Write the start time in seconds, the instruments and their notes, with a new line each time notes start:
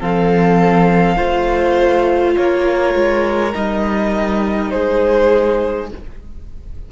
0.00 cello F3, viola C4, violin A4 F5
1.16 cello A3, viola F4, violin C5
2.37 cello A#3, violin A#4 C#5
2.95 cello G#3
3.53 cello G3, viola D#4, violin D#5
4.70 cello G#3, violin G#4 C5